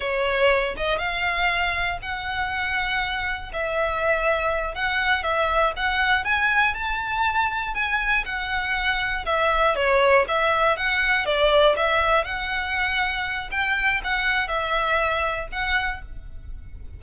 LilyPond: \new Staff \with { instrumentName = "violin" } { \time 4/4 \tempo 4 = 120 cis''4. dis''8 f''2 | fis''2. e''4~ | e''4. fis''4 e''4 fis''8~ | fis''8 gis''4 a''2 gis''8~ |
gis''8 fis''2 e''4 cis''8~ | cis''8 e''4 fis''4 d''4 e''8~ | e''8 fis''2~ fis''8 g''4 | fis''4 e''2 fis''4 | }